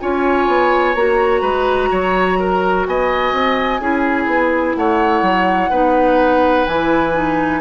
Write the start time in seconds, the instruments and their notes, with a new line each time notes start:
0.00 bassoon C#4, clarinet F4, oboe C#5, flute G#5
0.47 bassoon B3
0.95 bassoon A#3, clarinet F#4, flute A#5
1.41 bassoon G#3, oboe B4
1.91 bassoon F#3, oboe C#5
2.39 oboe A#4
2.86 bassoon B3, oboe D#5, flute G#5
3.32 bassoon C4
3.80 bassoon C#4, clarinet E4, oboe G#4
4.27 bassoon B3
4.75 bassoon A3, oboe C#5, flute F#5
5.22 bassoon F#3
5.70 bassoon B3, clarinet D#4, oboe B4
6.66 bassoon E3, clarinet E4, flute G#5
7.14 clarinet D#4